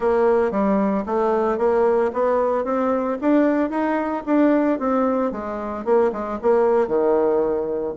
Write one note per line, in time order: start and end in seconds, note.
0.00 0.51 A#3
0.51 1.04 G3
1.05 1.58 A3
1.58 2.11 A#3
2.13 2.64 B3
2.64 3.17 C4
3.21 3.70 D4
3.70 4.23 D#4
4.26 4.79 D4
4.79 5.31 C4
5.31 5.84 G#3
5.84 6.11 A#3
6.12 6.39 G#3
6.42 6.87 A#3
6.87 7.94 D#3